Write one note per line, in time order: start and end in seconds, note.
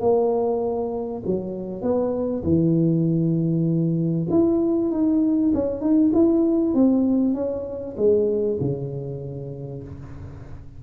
0.00 1.22 A#3
1.25 1.81 F#3
1.81 2.42 B3
2.43 4.27 E3
4.30 4.90 E4
4.90 5.52 D#4
5.54 5.81 C#4
5.81 6.11 D#4
6.13 6.74 E4
6.74 7.34 C4
7.34 7.95 C#4
7.97 8.58 G#3
8.60 9.82 C#3